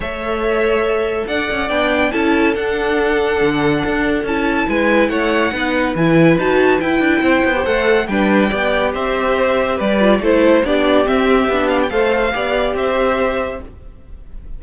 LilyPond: <<
  \new Staff \with { instrumentName = "violin" } { \time 4/4 \tempo 4 = 141 e''2. fis''4 | g''4 a''4 fis''2~ | fis''2 a''4 gis''4 | fis''2 gis''4 a''4 |
g''2 fis''4 g''4~ | g''4 e''2 d''4 | c''4 d''4 e''4. f''16 g''16 | f''2 e''2 | }
  \new Staff \with { instrumentName = "violin" } { \time 4/4 cis''2. d''4~ | d''4 a'2.~ | a'2. b'4 | cis''4 b'2.~ |
b'4 c''2 b'4 | d''4 c''2 b'4 | a'4 g'2. | c''4 d''4 c''2 | }
  \new Staff \with { instrumentName = "viola" } { \time 4/4 a'1 | d'4 e'4 d'2~ | d'2 e'2~ | e'4 dis'4 e'4 fis'4 |
e'4.~ e'16 g'16 a'4 d'4 | g'2.~ g'8 f'8 | e'4 d'4 c'4 d'4 | a'4 g'2. | }
  \new Staff \with { instrumentName = "cello" } { \time 4/4 a2. d'8 cis'8 | b4 cis'4 d'2 | d4 d'4 cis'4 gis4 | a4 b4 e4 dis'4 |
e'8 d'8 c'8 b8 a4 g4 | b4 c'2 g4 | a4 b4 c'4 b4 | a4 b4 c'2 | }
>>